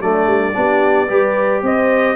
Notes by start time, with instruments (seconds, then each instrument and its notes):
0.00 tuba F#3, trombone A3, horn D4, trumpet D5
0.26 tuba G3
0.53 tuba B3, trombone D4, horn G4
1.09 tuba G3, trombone G4, horn B4
1.62 tuba C4, horn C5, trumpet D#5